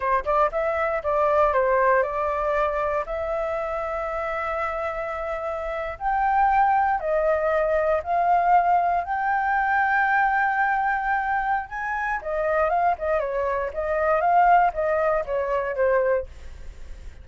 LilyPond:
\new Staff \with { instrumentName = "flute" } { \time 4/4 \tempo 4 = 118 c''8 d''8 e''4 d''4 c''4 | d''2 e''2~ | e''2.~ e''8. g''16~ | g''4.~ g''16 dis''2 f''16~ |
f''4.~ f''16 g''2~ g''16~ | g''2. gis''4 | dis''4 f''8 dis''8 cis''4 dis''4 | f''4 dis''4 cis''4 c''4 | }